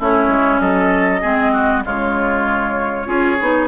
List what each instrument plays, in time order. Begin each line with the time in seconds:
0.00 bassoon A3, clarinet C#4, oboe E4, flute C#5
0.28 bassoon G#3
0.60 bassoon F#3, oboe A4, flute D#5
1.21 bassoon G#3, clarinet C4, oboe G#4
1.53 oboe F#4
1.83 bassoon C#3, clarinet G#3, oboe F4, flute C#5
3.06 bassoon C#4, clarinet F4, oboe G#4
3.41 bassoon B3, clarinet D#4